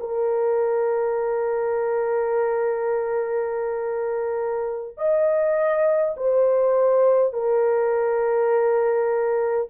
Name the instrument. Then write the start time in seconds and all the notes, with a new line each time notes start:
horn
0.00 A#4
4.97 D#5
6.17 C5
7.33 A#4